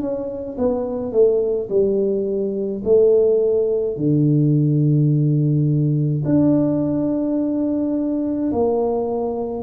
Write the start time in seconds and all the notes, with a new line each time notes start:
0.00 C#4
0.58 B3
1.12 A3
1.69 G3
2.84 A3
3.96 D3
6.25 D4
8.52 A#3